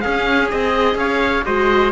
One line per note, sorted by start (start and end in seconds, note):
0.00 0.52 C#4
0.00 0.49 C#4
0.00 0.97 G#4
0.00 0.48 F5
0.49 0.94 C4
0.49 1.45 G#4
0.49 0.98 D#5
0.94 1.42 C#4
0.94 1.45 C#5
0.94 1.44 F5
1.44 1.92 G#3
1.44 1.92 F#4
1.44 1.92 C5
1.44 1.92 D#5